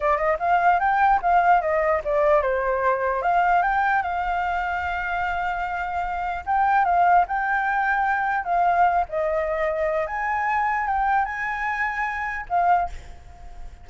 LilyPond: \new Staff \with { instrumentName = "flute" } { \time 4/4 \tempo 4 = 149 d''8 dis''8 f''4 g''4 f''4 | dis''4 d''4 c''2 | f''4 g''4 f''2~ | f''1 |
g''4 f''4 g''2~ | g''4 f''4. dis''4.~ | dis''4 gis''2 g''4 | gis''2. f''4 | }